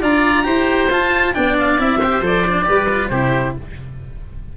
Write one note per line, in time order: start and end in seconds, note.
0.00 0.46 D4
0.00 0.44 F4
0.00 0.44 D5
0.00 0.91 A#5
0.44 0.90 E4
0.44 0.88 G4
0.44 1.34 C5
0.90 1.34 F4
0.90 1.34 A5
1.34 1.79 B3
1.34 1.78 D4
1.34 1.99 D5
1.34 1.56 G5
1.59 1.80 F5
1.78 2.20 C4
1.78 2.00 E4
1.78 2.24 E5
1.99 2.23 G4
1.99 2.65 C5
2.20 2.65 F3
2.20 2.45 A4
2.20 3.09 D5
2.47 2.65 D4
2.65 3.11 G3
2.65 2.87 G4
2.65 3.11 B4
2.89 3.11 F4
3.09 3.55 C3
3.09 3.57 E4
3.09 3.55 G4
3.09 3.53 C5